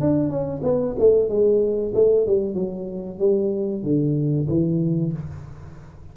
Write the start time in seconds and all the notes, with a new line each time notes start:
0.00 D4
0.29 C#4
0.63 B3
0.99 A3
1.28 G#3
1.94 A3
2.26 G3
2.54 F#3
3.18 G3
3.83 D3
4.48 E3